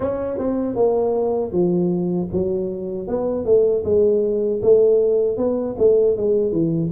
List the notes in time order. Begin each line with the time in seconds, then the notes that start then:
0.00 C#4
0.37 C4
0.75 A#3
1.52 F3
2.32 F#3
3.07 B3
3.45 A3
3.84 G#3
4.62 A3
5.37 B3
5.78 A3
6.16 G#3
6.52 E3